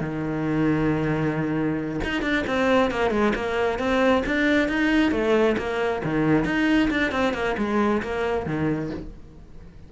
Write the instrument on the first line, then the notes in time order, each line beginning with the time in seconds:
cello
0.00 D#3
2.04 D#4
2.21 D4
2.46 C4
2.91 A#3
3.10 G#3
3.35 A#3
3.78 C4
4.26 D4
4.68 D#4
5.11 A3
5.57 A#3
6.04 D#3
6.45 D#4
6.90 D4
7.11 C4
7.34 A#3
7.57 G#3
8.02 A#3
8.45 D#3